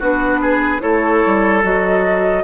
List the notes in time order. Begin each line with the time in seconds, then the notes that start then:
0.00 B3 D4 F#4 B4
0.42 G#4
0.81 A3 E4 A4 C#5
1.26 G3
1.63 F#3 F#4 D#5